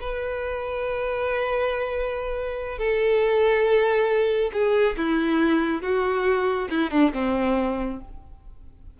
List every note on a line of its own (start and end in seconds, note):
0.00 2.78 B4
2.78 4.51 A4
4.53 4.96 G#4
4.97 5.82 E4
5.82 6.68 F#4
6.70 6.90 E4
6.90 7.11 D4
7.13 8.00 C4